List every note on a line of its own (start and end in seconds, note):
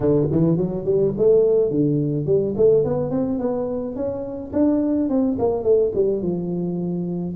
0.00 0.27 D3
0.31 0.57 E3
0.57 0.84 F#3
0.84 1.13 G3
1.17 1.70 A3
1.70 2.26 D3
2.26 2.54 G3
2.56 2.84 A3
2.84 3.10 B3
3.10 3.38 C4
3.38 3.95 B3
3.95 4.52 C#4
4.53 5.09 D4
5.09 5.37 C4
5.39 5.63 A#3
5.63 5.92 A3
5.94 6.22 G3
6.22 7.35 F3